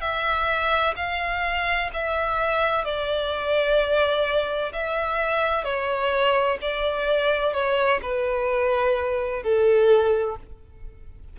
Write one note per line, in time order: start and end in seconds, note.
0.00 0.94 E5
0.96 1.90 F5
1.93 2.84 E5
2.84 4.72 D5
4.73 5.64 E5
5.64 6.58 C#5
6.61 7.53 D5
7.53 8.00 C#5
8.02 9.43 B4
9.43 10.36 A4